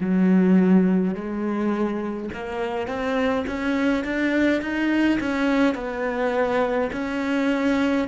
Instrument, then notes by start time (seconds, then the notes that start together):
cello
0.00 F#3
1.14 G#3
2.33 A#3
2.87 C4
3.47 C#4
4.04 D4
4.62 D#4
5.20 C#4
5.75 B3
6.92 C#4